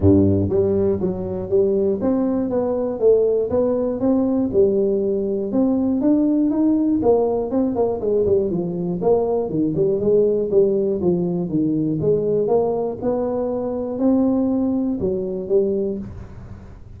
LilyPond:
\new Staff \with { instrumentName = "tuba" } { \time 4/4 \tempo 4 = 120 g,4 g4 fis4 g4 | c'4 b4 a4 b4 | c'4 g2 c'4 | d'4 dis'4 ais4 c'8 ais8 |
gis8 g8 f4 ais4 dis8 g8 | gis4 g4 f4 dis4 | gis4 ais4 b2 | c'2 fis4 g4 | }